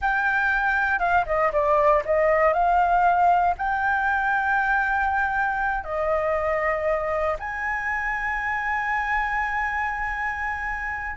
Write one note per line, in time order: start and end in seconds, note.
0.01 0.99 G5
0.99 1.24 F5
1.26 1.51 D#5
1.52 2.03 D5
2.05 2.53 D#5
2.53 3.55 F5
3.57 5.84 G5
5.84 7.36 D#5
7.39 11.16 G#5